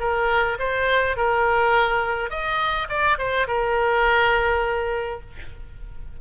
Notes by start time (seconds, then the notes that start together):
0.00 A#4
0.59 C5
1.17 A#4
2.30 D#5
2.89 D5
3.18 C5
3.47 A#4